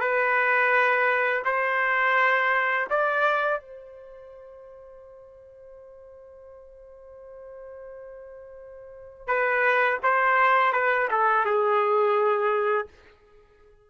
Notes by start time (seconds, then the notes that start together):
0.00 B4
1.44 C5
2.90 D5
3.60 C5
9.27 B4
10.03 C5
10.72 B4
11.10 A4
11.45 G#4